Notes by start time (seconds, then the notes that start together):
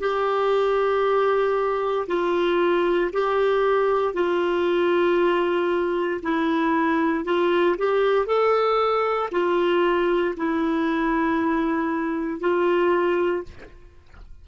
0.00 G4
2.07 F4
3.13 G4
4.14 F4
6.23 E4
7.25 F4
7.78 G4
8.26 A4
9.32 F4
10.37 E4
12.40 F4